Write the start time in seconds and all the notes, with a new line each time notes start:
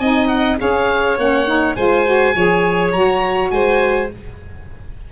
0.00 C4 D#4 D#5 G#5
0.28 F#5
0.59 C#4 G#4 C#5 F5
1.18 A#3 C#4 F#5
1.47 D#4
1.76 G#3 F4 C5 G#5
2.06 F#4
2.35 F3 G#4 C#5
2.93 F#3 F#4 A#5
3.51 G#3 C5 G#5